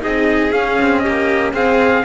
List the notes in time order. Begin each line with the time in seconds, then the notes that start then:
0.00 C4 D#4 G#4 D#5
0.52 C#4 F5
0.81 C4
1.00 G4 D#5
1.07 A#3
1.53 C4 G#4 F5